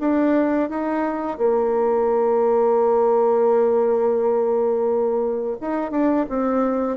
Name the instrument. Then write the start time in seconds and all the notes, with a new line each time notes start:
bassoon
0.00 D4
0.69 D#4
1.38 A#3
5.61 D#4
5.91 D4
6.29 C4